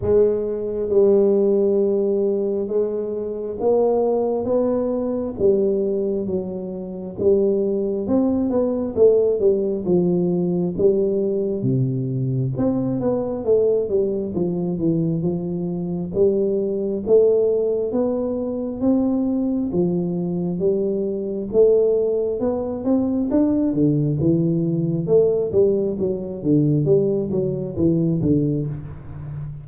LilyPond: \new Staff \with { instrumentName = "tuba" } { \time 4/4 \tempo 4 = 67 gis4 g2 gis4 | ais4 b4 g4 fis4 | g4 c'8 b8 a8 g8 f4 | g4 c4 c'8 b8 a8 g8 |
f8 e8 f4 g4 a4 | b4 c'4 f4 g4 | a4 b8 c'8 d'8 d8 e4 | a8 g8 fis8 d8 g8 fis8 e8 d8 | }